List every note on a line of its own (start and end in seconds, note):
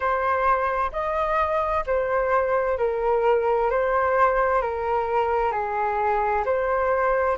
0.00 0.91 C5
0.92 1.84 D#5
1.86 2.77 C5
2.77 3.70 A#4
3.70 4.61 C5
4.61 5.51 A#4
5.51 6.44 G#4
6.45 7.37 C5